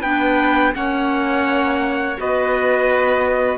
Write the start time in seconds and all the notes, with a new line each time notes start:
0.00 B3 D4 B4 G5
0.73 A#3 C#4 C#5 F#5
2.16 B3 F#4 B4 D#5